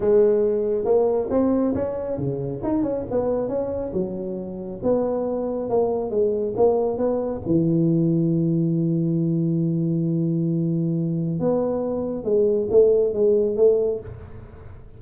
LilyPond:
\new Staff \with { instrumentName = "tuba" } { \time 4/4 \tempo 4 = 137 gis2 ais4 c'4 | cis'4 cis4 dis'8 cis'8 b4 | cis'4 fis2 b4~ | b4 ais4 gis4 ais4 |
b4 e2.~ | e1~ | e2 b2 | gis4 a4 gis4 a4 | }